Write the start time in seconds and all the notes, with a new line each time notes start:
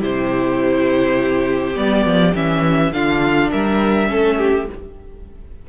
0.00 C3 E4 G4 C5
1.76 G3 B3 D5
2.06 F3
2.34 E3 C#4 E5
2.92 D3 D4 F4 F5
3.51 G3 A#4 E5
4.07 A3 C#4 A4
4.38 G4